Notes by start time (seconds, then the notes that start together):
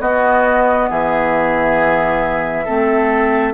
0.00 B3 F#4 D#5
0.90 E3 G#4 E5
2.65 A3 C4 A4